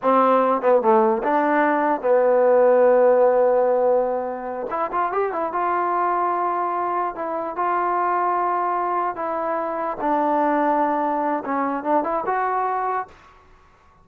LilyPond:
\new Staff \with { instrumentName = "trombone" } { \time 4/4 \tempo 4 = 147 c'4. b8 a4 d'4~ | d'4 b2.~ | b2.~ b8 e'8 | f'8 g'8 e'8 f'2~ f'8~ |
f'4. e'4 f'4.~ | f'2~ f'8 e'4.~ | e'8 d'2.~ d'8 | cis'4 d'8 e'8 fis'2 | }